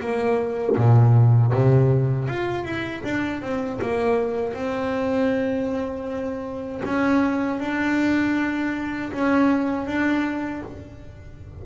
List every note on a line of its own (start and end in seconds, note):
0.00 0.76 A#3
0.77 1.53 A#2
1.53 2.28 C3
2.28 2.64 F4
2.64 3.02 E4
3.04 3.42 D4
3.42 3.80 C4
3.81 4.54 A#3
4.54 6.82 C4
6.84 7.60 C#4
7.60 9.12 D4
9.12 9.86 C#4
9.86 10.62 D4